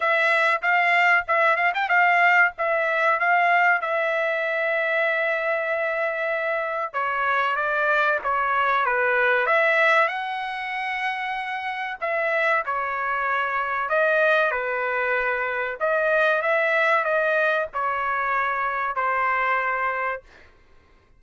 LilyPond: \new Staff \with { instrumentName = "trumpet" } { \time 4/4 \tempo 4 = 95 e''4 f''4 e''8 f''16 g''16 f''4 | e''4 f''4 e''2~ | e''2. cis''4 | d''4 cis''4 b'4 e''4 |
fis''2. e''4 | cis''2 dis''4 b'4~ | b'4 dis''4 e''4 dis''4 | cis''2 c''2 | }